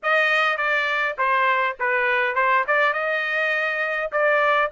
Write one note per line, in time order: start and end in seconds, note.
0.02 0.57 D#5
0.57 1.16 D5
1.18 1.76 C5
1.79 2.35 B4
2.35 2.64 C5
2.67 2.93 D5
2.93 4.10 D#5
4.12 4.71 D5